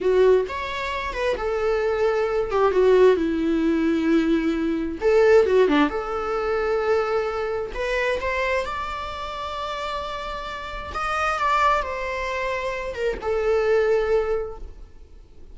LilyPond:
\new Staff \with { instrumentName = "viola" } { \time 4/4 \tempo 4 = 132 fis'4 cis''4. b'8 a'4~ | a'4. g'8 fis'4 e'4~ | e'2. a'4 | fis'8 d'8 a'2.~ |
a'4 b'4 c''4 d''4~ | d''1 | dis''4 d''4 c''2~ | c''8 ais'8 a'2. | }